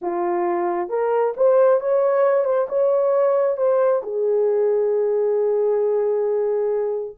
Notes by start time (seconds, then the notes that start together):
0.01 F4
0.89 A#4
1.36 C5
1.80 C#5
2.44 C5
2.69 C#5
3.57 C5
4.02 G#4